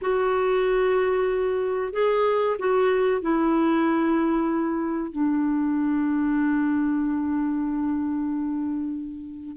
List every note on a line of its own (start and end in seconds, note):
0.01 1.92 F#4
1.92 2.56 G#4
2.58 3.21 F#4
3.21 5.11 E4
5.11 9.56 D4